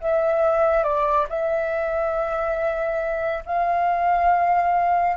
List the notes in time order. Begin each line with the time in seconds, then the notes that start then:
0.00 E5
0.83 D5
1.29 E5
3.46 F5